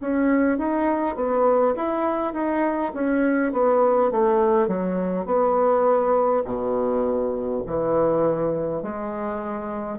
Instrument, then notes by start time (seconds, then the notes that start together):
bassoon
0.00 C#4
0.58 D#4
1.16 B3
1.75 E4
2.33 D#4
2.94 C#4
3.52 B3
4.11 A3
4.67 F#3
5.26 B3
6.45 B2
7.66 E3
8.82 G#3